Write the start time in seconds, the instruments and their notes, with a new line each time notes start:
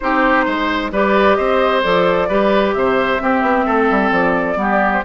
0.00 bassoon C4, clarinet D#4, oboe G4, flute C5
0.45 bassoon G#3, oboe C5
0.91 bassoon G3, clarinet G4, oboe B4, flute D5
1.35 bassoon C4, oboe C5, flute D#5
1.82 bassoon F3, clarinet A4, flute D5
2.28 bassoon G3, clarinet G4, oboe B4
2.73 bassoon C3, oboe C5, flute E5
3.19 clarinet C4, bassoon C4, oboe G4
3.42 bassoon B3
3.65 bassoon A3, oboe A4
3.90 bassoon G3
4.11 bassoon F3, flute D5
4.56 bassoon G3, clarinet B3, oboe G4
4.93 flute C5